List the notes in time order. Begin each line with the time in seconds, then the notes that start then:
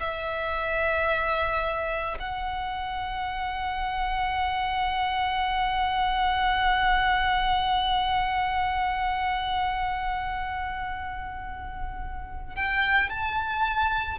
0.00 E5
2.19 F#5
12.56 G5
13.10 A5